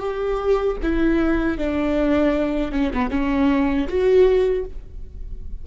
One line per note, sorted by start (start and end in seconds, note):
0.00 0.77 G4
0.83 1.58 E4
1.58 2.72 D4
2.72 2.91 C#4
2.94 3.10 B3
3.10 3.87 C#4
3.88 4.65 F#4